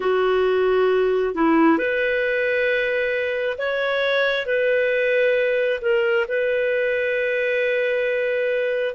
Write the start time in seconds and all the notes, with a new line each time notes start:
0.00 F#4
1.34 E4
1.77 B4
3.58 C#5
4.45 B4
5.81 A#4
6.27 B4